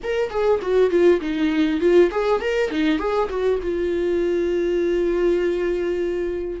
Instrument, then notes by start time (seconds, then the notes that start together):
viola
0.03 A#4
0.29 G#4
0.61 F#4
0.90 F4
1.20 D#4
1.80 F4
2.11 G#4
2.41 A#4
2.71 D#4
2.98 G#4
3.29 F#4
3.62 F4